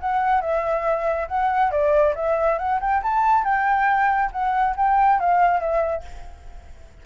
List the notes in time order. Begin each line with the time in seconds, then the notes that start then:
0.00 F#5
0.41 E5
1.28 F#5
1.71 D5
2.15 E5
2.59 F#5
2.81 G5
3.03 A5
3.44 G5
4.32 F#5
4.77 G5
5.20 F5
5.60 E5